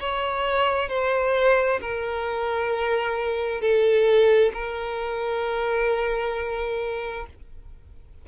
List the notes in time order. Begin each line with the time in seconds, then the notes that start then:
0.00 C#5
0.89 C5
1.81 A#4
3.61 A4
4.53 A#4